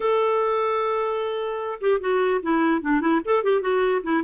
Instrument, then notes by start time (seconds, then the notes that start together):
clarinet
0.00 A4
1.80 G4
2.00 F#4
2.42 E4
2.81 D4
3.00 E4
3.24 A4
3.43 G4
3.61 F#4
4.03 E4